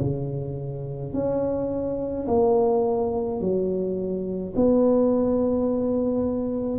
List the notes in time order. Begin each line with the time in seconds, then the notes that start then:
0.00 C#3
1.13 C#4
2.27 A#3
3.40 F#3
4.55 B3